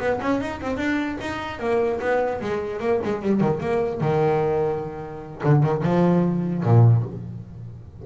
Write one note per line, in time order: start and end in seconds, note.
0.00 0.20 B3
0.22 0.41 C#4
0.41 0.61 D#4
0.61 0.77 C4
0.77 1.18 D4
1.22 1.60 D#4
1.60 2.00 A#3
2.01 2.41 B3
2.41 2.80 G#3
2.80 3.01 A#3
3.05 3.22 G#3
3.22 3.41 G3
3.41 3.61 D#3
3.61 4.01 A#3
4.01 5.42 D#3
5.44 5.63 D3
5.63 5.84 D#3
5.84 6.64 F3
6.64 7.04 A#2